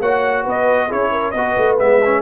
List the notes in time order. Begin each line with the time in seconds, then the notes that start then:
0.00 A#3 F#4 C#5 F#5
0.44 B3 B4 D#5
0.88 C#4 E4 G#4 C#5
1.12 A#4
1.31 B3 F#4 B4 D#5
1.57 A3
1.78 G#3 B3 E5
2.05 C#4